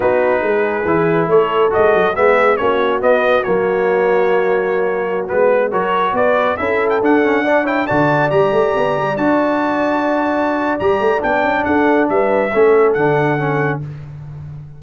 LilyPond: <<
  \new Staff \with { instrumentName = "trumpet" } { \time 4/4 \tempo 4 = 139 b'2. cis''4 | dis''4 e''4 cis''4 dis''4 | cis''1~ | cis''16 b'4 cis''4 d''4 e''8. |
g''16 fis''4. g''8 a''4 ais''8.~ | ais''4~ ais''16 a''2~ a''8.~ | a''4 ais''4 g''4 fis''4 | e''2 fis''2 | }
  \new Staff \with { instrumentName = "horn" } { \time 4/4 fis'4 gis'2 a'4~ | a'4 gis'4 fis'2~ | fis'1~ | fis'4~ fis'16 ais'4 b'4 a'8.~ |
a'4~ a'16 d''8 cis''8 d''4.~ d''16~ | d''1~ | d''2. a'4 | b'4 a'2. | }
  \new Staff \with { instrumentName = "trombone" } { \time 4/4 dis'2 e'2 | fis'4 b4 cis'4 b4 | ais1~ | ais16 b4 fis'2 e'8.~ |
e'16 d'8 cis'8 d'8 e'8 fis'4 g'8.~ | g'4~ g'16 fis'2~ fis'8.~ | fis'4 g'4 d'2~ | d'4 cis'4 d'4 cis'4 | }
  \new Staff \with { instrumentName = "tuba" } { \time 4/4 b4 gis4 e4 a4 | gis8 fis8 gis4 ais4 b4 | fis1~ | fis16 gis4 fis4 b4 cis'8.~ |
cis'16 d'2 d4 g8 a16~ | a16 b8 g8 d'2~ d'8.~ | d'4 g8 a8 b8 cis'8 d'4 | g4 a4 d2 | }
>>